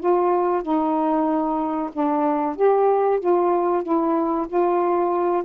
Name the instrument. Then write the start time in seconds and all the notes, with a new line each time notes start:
saxophone
0.00 F4
0.63 D#4
1.93 D4
2.56 G4
3.20 F4
3.83 E4
4.48 F4